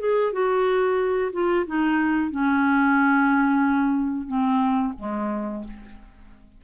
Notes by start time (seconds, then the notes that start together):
0.00 G#4
0.33 F#4
1.33 F4
1.67 D#4
2.31 C#4
4.28 C4
4.98 G#3